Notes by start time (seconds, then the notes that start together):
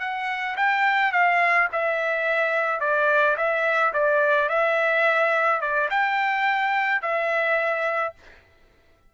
0.00 F#5
0.57 G5
1.13 F5
1.73 E5
2.81 D5
3.37 E5
3.94 D5
4.49 E5
5.61 D5
5.91 G5
7.02 E5